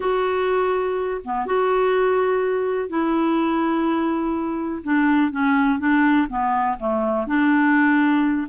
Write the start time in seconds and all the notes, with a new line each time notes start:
0.00 F#4
1.24 B3
1.46 F#4
2.89 E4
4.83 D4
5.31 C#4
5.79 D4
6.29 B3
6.79 A3
7.26 D4